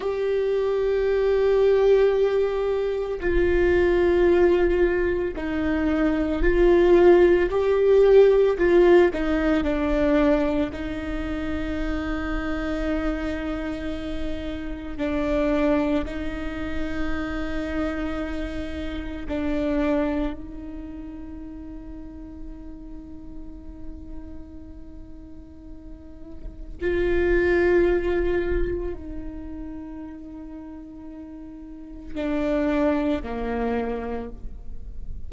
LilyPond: \new Staff \with { instrumentName = "viola" } { \time 4/4 \tempo 4 = 56 g'2. f'4~ | f'4 dis'4 f'4 g'4 | f'8 dis'8 d'4 dis'2~ | dis'2 d'4 dis'4~ |
dis'2 d'4 dis'4~ | dis'1~ | dis'4 f'2 dis'4~ | dis'2 d'4 ais4 | }